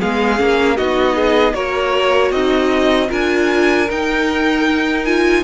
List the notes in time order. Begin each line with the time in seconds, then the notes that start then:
0.00 G#3 B3 G#4 F5
0.37 A#3 C#4
0.77 B3 D#4 F#4 D#5
1.16 G#4
1.54 A#3 F#4 A#4 C#5
2.32 C4 D#4 D#5
3.09 D4 F4 A#4 G#5
3.90 D#4 G5
5.05 F4 G#5